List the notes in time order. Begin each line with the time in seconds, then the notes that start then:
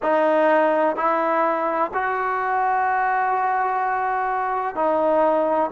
0.02 D#4
0.95 E4
1.93 F#4
4.75 D#4